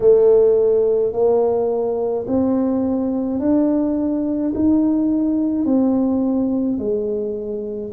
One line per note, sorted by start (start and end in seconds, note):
0.00 1.12 A3
1.12 2.25 A#3
2.27 3.39 C4
3.39 4.52 D4
4.54 5.64 D#4
5.64 6.78 C4
6.78 7.91 G#3